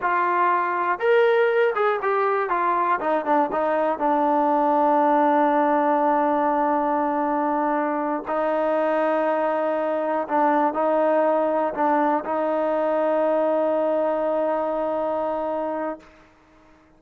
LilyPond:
\new Staff \with { instrumentName = "trombone" } { \time 4/4 \tempo 4 = 120 f'2 ais'4. gis'8 | g'4 f'4 dis'8 d'8 dis'4 | d'1~ | d'1~ |
d'8 dis'2.~ dis'8~ | dis'8 d'4 dis'2 d'8~ | d'8 dis'2.~ dis'8~ | dis'1 | }